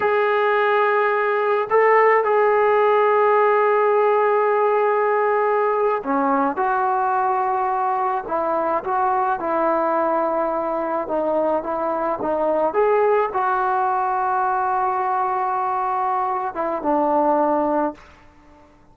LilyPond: \new Staff \with { instrumentName = "trombone" } { \time 4/4 \tempo 4 = 107 gis'2. a'4 | gis'1~ | gis'2~ gis'8. cis'4 fis'16~ | fis'2~ fis'8. e'4 fis'16~ |
fis'8. e'2. dis'16~ | dis'8. e'4 dis'4 gis'4 fis'16~ | fis'1~ | fis'4. e'8 d'2 | }